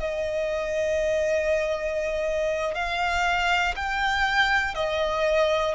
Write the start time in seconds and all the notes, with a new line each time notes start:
0.00 D#5
2.75 F5
3.76 G5
4.75 D#5